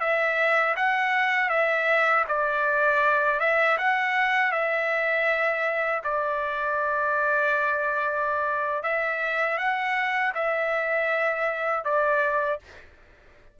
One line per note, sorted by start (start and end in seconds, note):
0.00 0.75 E5
0.76 1.49 F#5
1.49 2.24 E5
2.28 3.40 D5
3.40 3.77 E5
3.78 4.52 F#5
4.52 6.02 E5
6.03 8.83 D5
8.83 9.58 E5
9.58 10.33 F#5
10.35 11.84 E5
11.84 12.59 D5